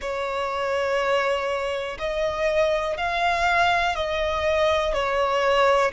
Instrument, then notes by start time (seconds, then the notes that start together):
violin
0.00 C#5
1.99 D#5
2.97 F5
3.95 D#5
4.93 C#5